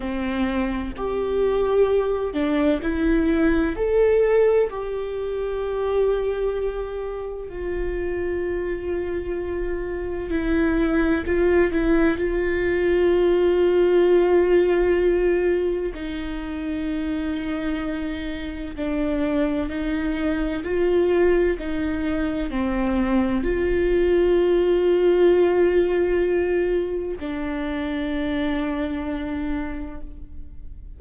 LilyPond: \new Staff \with { instrumentName = "viola" } { \time 4/4 \tempo 4 = 64 c'4 g'4. d'8 e'4 | a'4 g'2. | f'2. e'4 | f'8 e'8 f'2.~ |
f'4 dis'2. | d'4 dis'4 f'4 dis'4 | c'4 f'2.~ | f'4 d'2. | }